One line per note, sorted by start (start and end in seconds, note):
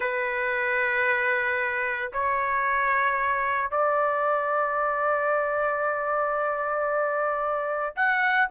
0.00 2.11 B4
2.12 3.70 C#5
3.70 7.95 D5
7.96 8.49 F#5